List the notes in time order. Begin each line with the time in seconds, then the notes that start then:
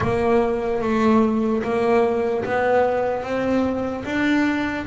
0.00 A#3
0.81 A3
1.63 A#3
2.44 B3
3.22 C4
4.05 D4